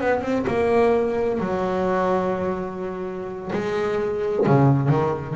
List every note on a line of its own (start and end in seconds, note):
0.00 0.21 B3
0.21 0.45 C4
0.47 1.40 A#3
1.40 3.51 F#3
3.52 4.46 G#3
4.46 4.88 C#3
4.88 5.35 D#3